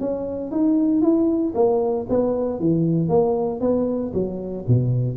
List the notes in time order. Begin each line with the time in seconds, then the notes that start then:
0.00 C#4
0.51 D#4
1.02 E4
1.55 A#3
2.09 B3
2.60 E3
3.09 A#3
3.60 B3
4.14 F#3
4.68 B2